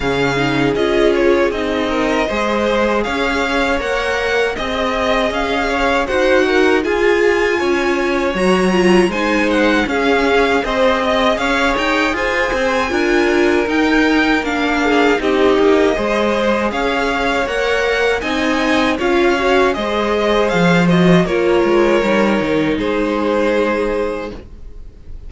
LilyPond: <<
  \new Staff \with { instrumentName = "violin" } { \time 4/4 \tempo 4 = 79 f''4 dis''8 cis''8 dis''2 | f''4 fis''4 dis''4 f''4 | fis''4 gis''2 ais''4 | gis''8 fis''8 f''4 dis''4 f''8 g''8 |
gis''2 g''4 f''4 | dis''2 f''4 fis''4 | gis''4 f''4 dis''4 f''8 dis''8 | cis''2 c''2 | }
  \new Staff \with { instrumentName = "violin" } { \time 4/4 gis'2~ gis'8 ais'8 c''4 | cis''2 dis''4. cis''8 | c''8 ais'8 gis'4 cis''2 | c''4 gis'4 c''8 dis''8 cis''4 |
c''4 ais'2~ ais'8 gis'8 | g'4 c''4 cis''2 | dis''4 cis''4 c''2 | ais'2 gis'2 | }
  \new Staff \with { instrumentName = "viola" } { \time 4/4 cis'8 dis'8 f'4 dis'4 gis'4~ | gis'4 ais'4 gis'2 | fis'4 f'2 fis'8 f'8 | dis'4 cis'4 gis'2~ |
gis'4 f'4 dis'4 d'4 | dis'4 gis'2 ais'4 | dis'4 f'8 fis'8 gis'4. fis'8 | f'4 dis'2. | }
  \new Staff \with { instrumentName = "cello" } { \time 4/4 cis4 cis'4 c'4 gis4 | cis'4 ais4 c'4 cis'4 | dis'4 f'4 cis'4 fis4 | gis4 cis'4 c'4 cis'8 dis'8 |
f'8 c'8 d'4 dis'4 ais4 | c'8 ais8 gis4 cis'4 ais4 | c'4 cis'4 gis4 f4 | ais8 gis8 g8 dis8 gis2 | }
>>